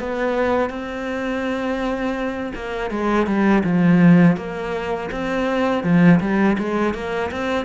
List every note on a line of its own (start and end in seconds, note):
0.00 0.70 B3
0.70 2.53 C4
2.55 2.91 A#3
2.91 3.27 G#3
3.27 3.63 G3
3.64 4.37 F3
4.37 5.10 A#3
5.12 5.84 C4
5.84 6.20 F3
6.20 6.57 G3
6.59 6.94 G#3
6.94 7.31 A#3
7.31 7.65 C4